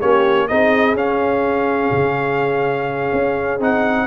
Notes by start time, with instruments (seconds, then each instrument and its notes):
0.00 tuba A#3, trombone C#4, horn G4, trumpet C#5
0.48 tuba C4, trombone D#4, horn G#4, trumpet D#5
0.94 tuba C#4, trombone C#4, trumpet F5
1.91 tuba C#3
3.12 tuba C#4
3.59 tuba C4, trombone D#4, trumpet F#5